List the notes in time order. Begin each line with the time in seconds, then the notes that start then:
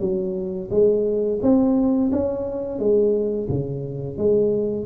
0.00 F#3
0.71 G#3
1.42 C4
2.12 C#4
2.79 G#3
3.49 C#3
4.17 G#3